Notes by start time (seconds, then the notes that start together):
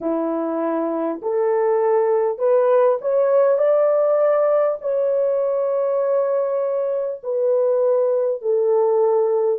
0.00 E4
1.22 A4
2.38 B4
3.01 C#5
3.58 D5
4.81 C#5
7.23 B4
8.41 A4